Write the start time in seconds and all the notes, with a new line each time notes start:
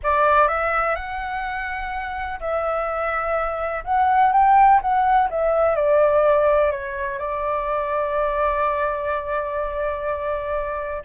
0.03 D5
0.48 E5
0.95 F#5
2.40 E5
3.84 F#5
4.32 G5
4.81 F#5
5.29 E5
5.75 D5
6.71 C#5
7.18 D5